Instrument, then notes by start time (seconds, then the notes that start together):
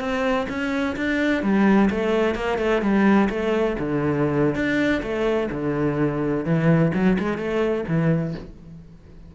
cello
0.00 C4
0.49 C#4
0.97 D4
1.43 G3
1.90 A3
2.35 A#3
2.58 A3
2.82 G3
3.30 A3
3.79 D3
4.55 D4
5.03 A3
5.51 D3
6.45 E3
6.94 F#3
7.19 G#3
7.38 A3
7.88 E3